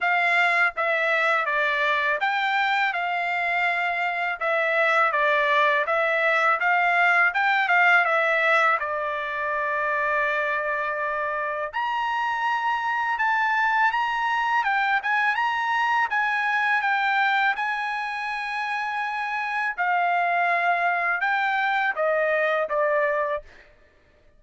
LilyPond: \new Staff \with { instrumentName = "trumpet" } { \time 4/4 \tempo 4 = 82 f''4 e''4 d''4 g''4 | f''2 e''4 d''4 | e''4 f''4 g''8 f''8 e''4 | d''1 |
ais''2 a''4 ais''4 | g''8 gis''8 ais''4 gis''4 g''4 | gis''2. f''4~ | f''4 g''4 dis''4 d''4 | }